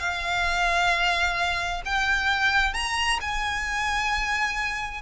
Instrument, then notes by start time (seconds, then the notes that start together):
violin
0.00 F5
1.85 G5
2.74 A#5
3.21 G#5